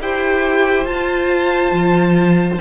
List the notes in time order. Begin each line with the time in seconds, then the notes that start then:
0.00 E4 G4 C5 G5
0.85 F4 A5
1.71 F3